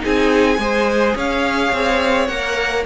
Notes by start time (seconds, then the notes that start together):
0.00 C4 D#4 G#4 G#5
0.58 G#3 G#4 C5
1.16 C#4 C#5 F5
1.73 C4
2.27 A#3 A#4 F#5